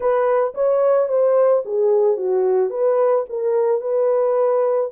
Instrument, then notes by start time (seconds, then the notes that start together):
horn
0.00 B4
0.54 C#5
1.08 C5
1.65 G#4
2.16 F#4
2.70 B4
3.29 A#4
3.81 B4